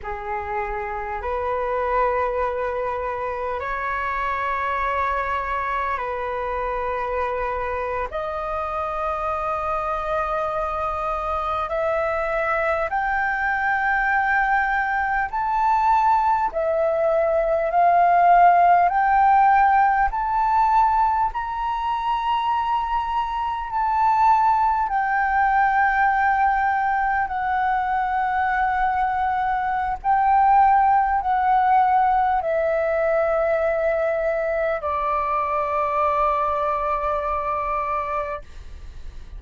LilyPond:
\new Staff \with { instrumentName = "flute" } { \time 4/4 \tempo 4 = 50 gis'4 b'2 cis''4~ | cis''4 b'4.~ b'16 dis''4~ dis''16~ | dis''4.~ dis''16 e''4 g''4~ g''16~ | g''8. a''4 e''4 f''4 g''16~ |
g''8. a''4 ais''2 a''16~ | a''8. g''2 fis''4~ fis''16~ | fis''4 g''4 fis''4 e''4~ | e''4 d''2. | }